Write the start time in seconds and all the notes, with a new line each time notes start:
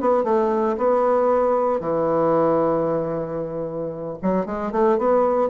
0.00 B3
0.23 A3
0.77 B3
1.80 E3
4.22 F#3
4.45 G#3
4.71 A3
4.98 B3